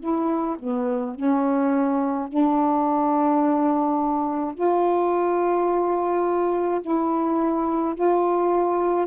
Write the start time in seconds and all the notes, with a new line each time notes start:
0.00 E4
0.59 B3
1.15 C#4
2.28 D4
4.55 F4
6.82 E4
7.95 F4